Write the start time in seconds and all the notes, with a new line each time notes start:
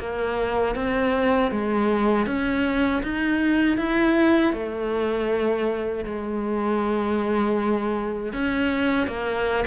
0.00 A#3
0.76 C4
1.52 G#3
2.27 C#4
3.03 D#4
3.78 E4
4.54 A3
6.05 G#3
8.33 C#4
9.08 A#3